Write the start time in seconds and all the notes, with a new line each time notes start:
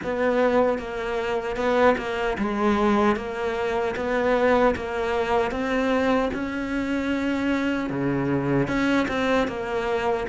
0.03 B3
0.78 A#3
1.56 B3
1.97 A#3
2.38 G#3
3.15 A#3
3.95 B3
4.75 A#3
5.51 C4
6.33 C#4
7.89 C#3
8.67 C#4
9.08 C4
9.47 A#3